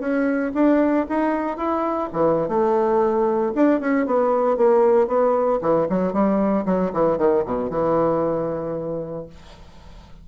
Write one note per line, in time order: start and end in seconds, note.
0.00 0.52 C#4
0.55 1.07 D4
1.10 1.57 D#4
1.57 2.09 E4
2.13 2.49 E3
2.49 3.53 A3
3.55 3.81 D4
3.81 4.06 C#4
4.06 4.57 B3
4.57 5.08 A#3
5.08 5.60 B3
5.62 5.88 E3
5.90 6.13 F#3
6.13 6.65 G3
6.66 6.92 F#3
6.93 7.18 E3
7.18 7.44 D#3
7.46 7.70 B2
7.70 9.27 E3